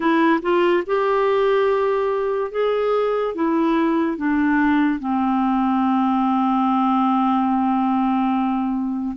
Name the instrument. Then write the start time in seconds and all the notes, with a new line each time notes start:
clarinet
0.00 E4
0.42 F4
0.86 G4
2.51 G#4
3.34 E4
4.17 D4
4.99 C4